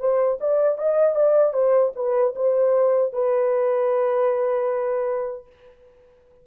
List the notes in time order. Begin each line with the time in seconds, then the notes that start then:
0.00 C5
0.41 D5
0.78 D#5
1.15 D5
1.54 C5
1.96 B4
2.36 C5
3.13 B4